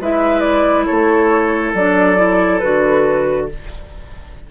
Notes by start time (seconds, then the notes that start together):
0.00 G#3 E4 B4 E5
0.40 D5
0.86 A3 A4 C#5
1.74 F#3 D4 D5
2.16 E4
2.59 D3 F#4 B4